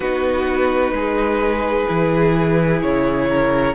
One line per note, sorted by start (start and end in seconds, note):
0.00 0.92 B3
0.00 1.87 D#4
0.00 0.93 F#4
0.00 2.80 B4
0.92 1.85 G#3
0.92 3.29 G#4
1.87 2.83 E3
1.87 3.74 E4
2.82 3.74 C#3
2.82 3.74 C#5
3.29 3.74 A#4